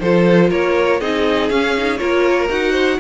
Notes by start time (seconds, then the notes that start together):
0.00 F3 F4 A4 C5
0.50 A#3 A#4 C#5
1.00 C4 D#4 G#4 D#5
1.50 C#4 F5
1.77 D#4
1.97 A#3 F4 A#4 C#5
2.49 D#4 F#4 F#5
2.71 C5